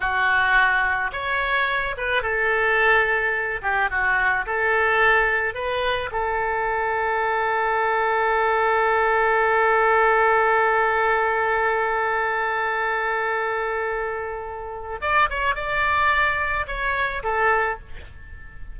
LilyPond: \new Staff \with { instrumentName = "oboe" } { \time 4/4 \tempo 4 = 108 fis'2 cis''4. b'8 | a'2~ a'8 g'8 fis'4 | a'2 b'4 a'4~ | a'1~ |
a'1~ | a'1~ | a'2. d''8 cis''8 | d''2 cis''4 a'4 | }